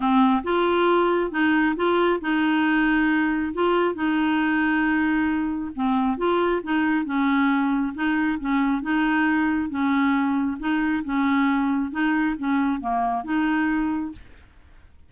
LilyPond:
\new Staff \with { instrumentName = "clarinet" } { \time 4/4 \tempo 4 = 136 c'4 f'2 dis'4 | f'4 dis'2. | f'4 dis'2.~ | dis'4 c'4 f'4 dis'4 |
cis'2 dis'4 cis'4 | dis'2 cis'2 | dis'4 cis'2 dis'4 | cis'4 ais4 dis'2 | }